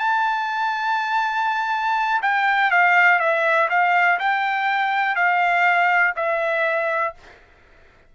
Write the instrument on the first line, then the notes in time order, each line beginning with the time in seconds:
trumpet
0.00 A5
2.23 G5
2.71 F5
3.20 E5
3.70 F5
4.19 G5
5.16 F5
6.17 E5